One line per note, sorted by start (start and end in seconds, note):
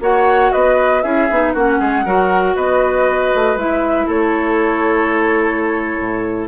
0.00 0.51 A#3
0.00 1.02 F#4
0.00 0.52 C#5
0.00 0.52 F#5
0.52 1.03 B3
0.52 1.03 B4
0.52 1.02 D#5
1.02 1.29 C#4
1.02 1.28 E4
1.02 1.53 G#4
1.02 1.53 E5
1.30 1.54 B3
1.30 1.55 D#4
1.53 1.79 A#3
1.53 2.05 C#4
1.53 1.79 F#4
1.53 2.56 F#5
1.79 2.05 G#3
1.79 2.04 G#4
2.04 2.56 F#3
2.04 3.57 F#4
2.04 2.55 A#4
2.55 3.32 B3
2.55 4.06 B4
2.55 3.57 D#5
3.34 3.55 A3
3.55 4.06 G#3
3.55 6.47 E4
3.55 4.09 E5
4.06 5.98 A3
4.06 6.47 A4
4.06 6.47 C#5
5.98 6.47 A2